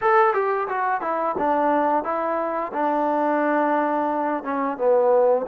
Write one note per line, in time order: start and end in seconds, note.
0.01 0.33 A4
0.33 0.67 G4
0.68 1.01 F#4
1.01 1.35 E4
1.38 2.04 D4
2.04 2.72 E4
2.73 4.43 D4
4.43 4.77 C#4
4.77 5.45 B3